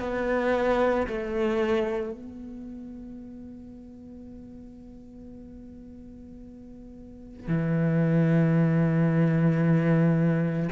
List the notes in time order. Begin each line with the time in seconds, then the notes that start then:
0.00 B3
1.08 A3
2.12 B3
7.48 E3